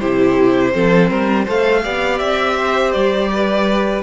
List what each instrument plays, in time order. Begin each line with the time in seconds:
0.00 cello C3, viola E4, violin G4 C5
0.73 cello F3, viola C4, violin A4
1.11 cello G3, violin A#4
1.45 cello A3, viola A4, violin C5 F5
1.84 cello B3, viola G4, violin D5
2.19 cello C4, violin E5
2.57 violin C5
2.92 cello G3, violin D5
3.33 violin B4